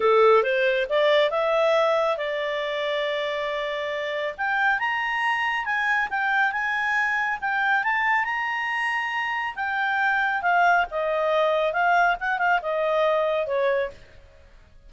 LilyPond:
\new Staff \with { instrumentName = "clarinet" } { \time 4/4 \tempo 4 = 138 a'4 c''4 d''4 e''4~ | e''4 d''2.~ | d''2 g''4 ais''4~ | ais''4 gis''4 g''4 gis''4~ |
gis''4 g''4 a''4 ais''4~ | ais''2 g''2 | f''4 dis''2 f''4 | fis''8 f''8 dis''2 cis''4 | }